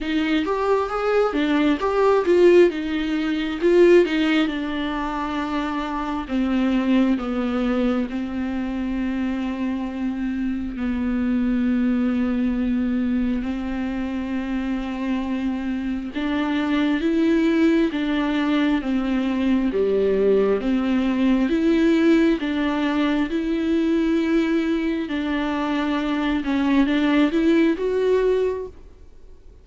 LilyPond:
\new Staff \with { instrumentName = "viola" } { \time 4/4 \tempo 4 = 67 dis'8 g'8 gis'8 d'8 g'8 f'8 dis'4 | f'8 dis'8 d'2 c'4 | b4 c'2. | b2. c'4~ |
c'2 d'4 e'4 | d'4 c'4 g4 c'4 | e'4 d'4 e'2 | d'4. cis'8 d'8 e'8 fis'4 | }